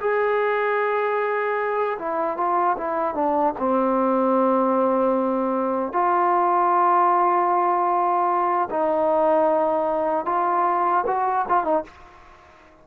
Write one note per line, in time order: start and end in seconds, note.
0.00 1.97 G#4
1.98 2.37 E4
2.37 2.76 F4
2.77 3.14 E4
3.14 3.53 D4
3.58 5.92 C4
5.92 8.69 F4
8.70 10.25 D#4
10.25 11.04 F4
11.06 11.45 F#4
11.48 11.64 F4
11.64 11.83 D#4